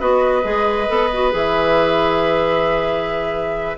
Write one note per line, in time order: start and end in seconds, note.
0.00 0.44 B3
0.00 0.43 F#4
0.00 3.78 B4
0.00 1.34 D#5
0.43 0.89 G#3
0.43 0.87 G#4
0.88 1.33 B3
0.88 1.10 A4
1.14 1.32 F#4
1.32 3.78 E3
1.32 3.76 G#4
1.32 3.78 E5